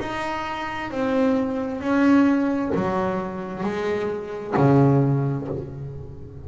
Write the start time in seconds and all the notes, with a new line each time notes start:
0.00 D#4
0.90 C4
1.81 C#4
2.74 F#3
3.63 G#3
4.57 C#3